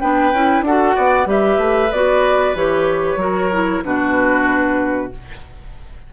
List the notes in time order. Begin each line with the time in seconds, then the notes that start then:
0.00 B3 D4 B4 G5
0.32 C#4 E4
0.61 D4 F#4 A4 F#5
0.96 B3 D5
1.25 G3 G4 B4 E5
1.58 A3
1.92 B3 F#4 D5
2.55 E3 G4 C#5
3.16 F#3 F#4 A#4
3.52 E4
3.83 B2 D4 F#4 B4